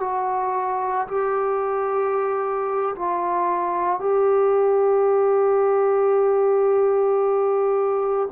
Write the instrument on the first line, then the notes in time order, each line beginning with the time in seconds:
trombone
0.00 F#4
1.07 G4
2.95 F4
3.99 G4